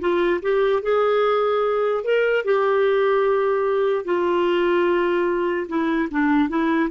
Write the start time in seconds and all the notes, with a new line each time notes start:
0.00 F4
0.42 G4
0.83 G#4
2.04 A#4
2.45 G4
4.05 F4
5.69 E4
6.11 D4
6.49 E4